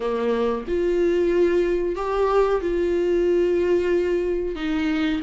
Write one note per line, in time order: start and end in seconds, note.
0.00 0.64 A#3
0.67 1.95 F4
1.95 2.61 G4
2.61 4.55 F4
4.55 5.20 D#4